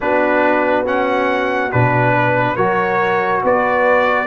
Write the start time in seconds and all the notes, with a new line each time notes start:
0.00 B3 D4 F#4 B4
0.85 C#4 F#5
1.71 B2 D4 B4
2.14 B4
2.56 F#3 F#4 A#4 C#5
3.43 B3 B4 D5